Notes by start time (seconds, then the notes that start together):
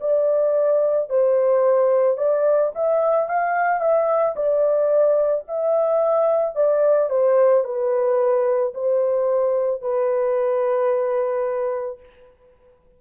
0.00 D5
1.09 C5
2.17 D5
2.75 E5
3.28 F5
3.80 E5
4.36 D5
5.47 E5
6.55 D5
7.09 C5
7.64 B4
8.74 C5
9.81 B4